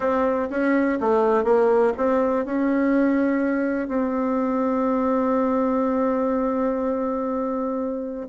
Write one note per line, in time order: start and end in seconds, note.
0.00 0.48 C4
0.50 0.99 C#4
1.00 1.44 A3
1.44 1.92 A#3
1.97 2.45 C4
2.45 3.88 C#4
3.88 8.27 C4